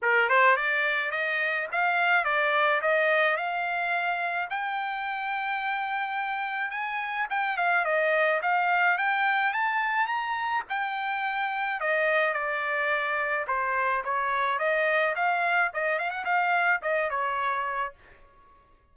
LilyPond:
\new Staff \with { instrumentName = "trumpet" } { \time 4/4 \tempo 4 = 107 ais'8 c''8 d''4 dis''4 f''4 | d''4 dis''4 f''2 | g''1 | gis''4 g''8 f''8 dis''4 f''4 |
g''4 a''4 ais''4 g''4~ | g''4 dis''4 d''2 | c''4 cis''4 dis''4 f''4 | dis''8 f''16 fis''16 f''4 dis''8 cis''4. | }